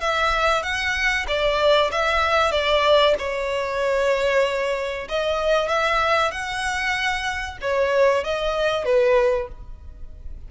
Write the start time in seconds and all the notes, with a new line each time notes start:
0.00 E5
0.63 F#5
1.27 D5
1.92 E5
2.52 D5
3.18 C#5
5.09 D#5
5.68 E5
6.31 F#5
7.61 C#5
8.24 D#5
8.85 B4